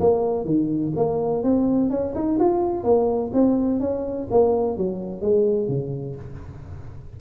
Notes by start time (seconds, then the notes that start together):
0.00 A#3
0.45 D#3
0.96 A#3
1.43 C4
1.90 C#4
2.15 D#4
2.39 F4
2.84 A#3
3.34 C4
3.80 C#4
4.31 A#3
4.77 F#3
5.22 G#3
5.68 C#3